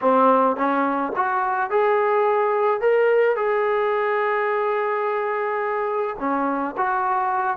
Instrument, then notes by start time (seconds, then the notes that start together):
trombone
0.01 C4
0.56 C#4
1.16 F#4
1.70 G#4
2.80 A#4
3.35 G#4
6.19 C#4
6.77 F#4